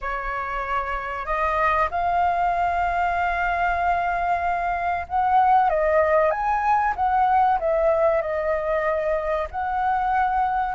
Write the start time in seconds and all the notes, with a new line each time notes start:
0.01 C#5
1.25 D#5
1.90 F5
5.08 F#5
5.69 D#5
6.30 G#5
6.96 F#5
7.59 E5
8.21 D#5
9.51 F#5